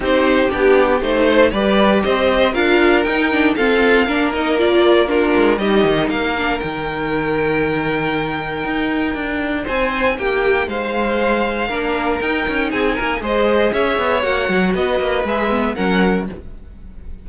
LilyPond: <<
  \new Staff \with { instrumentName = "violin" } { \time 4/4 \tempo 4 = 118 c''4 g'4 c''4 d''4 | dis''4 f''4 g''4 f''4~ | f''8 dis''8 d''4 ais'4 dis''4 | f''4 g''2.~ |
g''2. gis''4 | g''4 f''2. | g''4 gis''4 dis''4 e''4 | fis''4 dis''4 e''4 fis''4 | }
  \new Staff \with { instrumentName = "violin" } { \time 4/4 g'2~ g'8 c''8 b'4 | c''4 ais'2 a'4 | ais'2 f'4 g'4 | ais'1~ |
ais'2. c''4 | g'4 c''2 ais'4~ | ais'4 gis'8 ais'8 c''4 cis''4~ | cis''4 b'2 ais'4 | }
  \new Staff \with { instrumentName = "viola" } { \time 4/4 dis'4 d'4 dis'4 g'4~ | g'4 f'4 dis'8 d'8 c'4 | d'8 dis'8 f'4 d'4 dis'4~ | dis'8 d'8 dis'2.~ |
dis'1~ | dis'2. d'4 | dis'2 gis'2 | fis'2 gis'8 b8 cis'4 | }
  \new Staff \with { instrumentName = "cello" } { \time 4/4 c'4 b4 a4 g4 | c'4 d'4 dis'4 f'4 | ais2~ ais8 gis8 g8 dis8 | ais4 dis2.~ |
dis4 dis'4 d'4 c'4 | ais4 gis2 ais4 | dis'8 cis'8 c'8 ais8 gis4 cis'8 b8 | ais8 fis8 b8 ais8 gis4 fis4 | }
>>